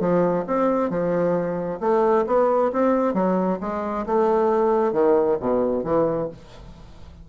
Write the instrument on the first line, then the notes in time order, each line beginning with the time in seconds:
bassoon
0.00 F3
0.47 C4
0.90 F3
1.80 A3
2.27 B3
2.73 C4
3.14 F#3
3.61 G#3
4.06 A3
4.93 D#3
5.40 B2
5.84 E3